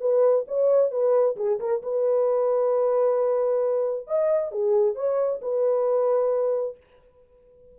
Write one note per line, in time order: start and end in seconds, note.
0.00 0.45 B4
0.47 0.91 C#5
0.91 1.36 B4
1.36 1.59 G#4
1.59 1.82 A#4
1.82 4.07 B4
4.07 4.51 D#5
4.51 4.95 G#4
4.95 5.40 C#5
5.41 6.77 B4